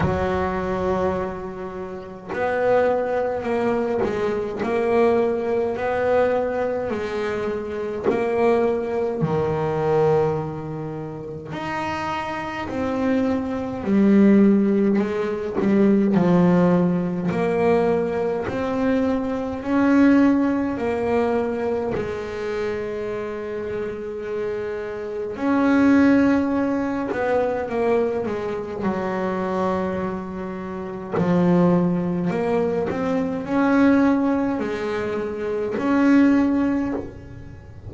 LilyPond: \new Staff \with { instrumentName = "double bass" } { \time 4/4 \tempo 4 = 52 fis2 b4 ais8 gis8 | ais4 b4 gis4 ais4 | dis2 dis'4 c'4 | g4 gis8 g8 f4 ais4 |
c'4 cis'4 ais4 gis4~ | gis2 cis'4. b8 | ais8 gis8 fis2 f4 | ais8 c'8 cis'4 gis4 cis'4 | }